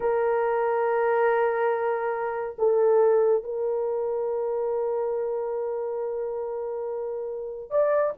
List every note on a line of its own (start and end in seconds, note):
0.00 2.56 A#4
2.58 3.43 A4
3.43 7.70 A#4
7.70 8.13 D5